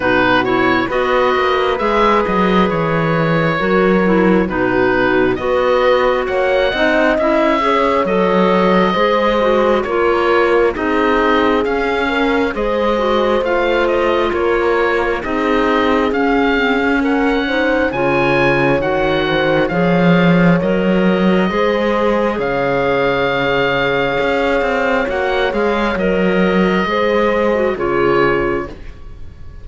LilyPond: <<
  \new Staff \with { instrumentName = "oboe" } { \time 4/4 \tempo 4 = 67 b'8 cis''8 dis''4 e''8 dis''8 cis''4~ | cis''4 b'4 dis''4 fis''4 | e''4 dis''2 cis''4 | dis''4 f''4 dis''4 f''8 dis''8 |
cis''4 dis''4 f''4 fis''4 | gis''4 fis''4 f''4 dis''4~ | dis''4 f''2. | fis''8 f''8 dis''2 cis''4 | }
  \new Staff \with { instrumentName = "horn" } { \time 4/4 fis'4 b'2. | ais'4 fis'4 b'4 cis''8 dis''8~ | dis''8 cis''4. c''4 ais'4 | gis'4. ais'8 c''2 |
ais'4 gis'2 ais'8 c''8 | cis''4. c''8 cis''2 | c''4 cis''2.~ | cis''2 c''4 gis'4 | }
  \new Staff \with { instrumentName = "clarinet" } { \time 4/4 dis'8 e'8 fis'4 gis'2 | fis'8 e'8 dis'4 fis'4. dis'8 | e'8 gis'8 a'4 gis'8 fis'8 f'4 | dis'4 cis'4 gis'8 fis'8 f'4~ |
f'4 dis'4 cis'8 c'16 cis'8. dis'8 | f'4 fis'4 gis'4 ais'4 | gis'1 | fis'8 gis'8 ais'4 gis'8. fis'16 f'4 | }
  \new Staff \with { instrumentName = "cello" } { \time 4/4 b,4 b8 ais8 gis8 fis8 e4 | fis4 b,4 b4 ais8 c'8 | cis'4 fis4 gis4 ais4 | c'4 cis'4 gis4 a4 |
ais4 c'4 cis'2 | cis4 dis4 f4 fis4 | gis4 cis2 cis'8 c'8 | ais8 gis8 fis4 gis4 cis4 | }
>>